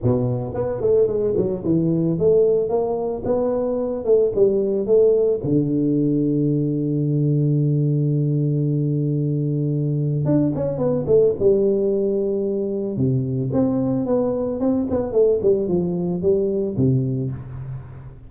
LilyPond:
\new Staff \with { instrumentName = "tuba" } { \time 4/4 \tempo 4 = 111 b,4 b8 a8 gis8 fis8 e4 | a4 ais4 b4. a8 | g4 a4 d2~ | d1~ |
d2. d'8 cis'8 | b8 a8 g2. | c4 c'4 b4 c'8 b8 | a8 g8 f4 g4 c4 | }